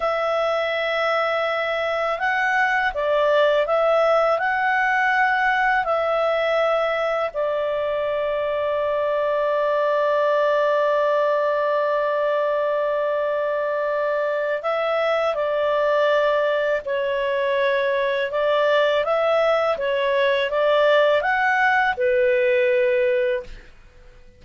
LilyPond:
\new Staff \with { instrumentName = "clarinet" } { \time 4/4 \tempo 4 = 82 e''2. fis''4 | d''4 e''4 fis''2 | e''2 d''2~ | d''1~ |
d''1 | e''4 d''2 cis''4~ | cis''4 d''4 e''4 cis''4 | d''4 fis''4 b'2 | }